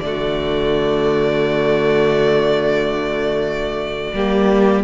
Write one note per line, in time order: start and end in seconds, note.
0.00 4.12 D3
0.00 4.14 A3
0.00 4.14 F#4
0.00 4.82 D5
4.13 4.84 G3
4.13 4.84 A#3
4.13 4.84 G4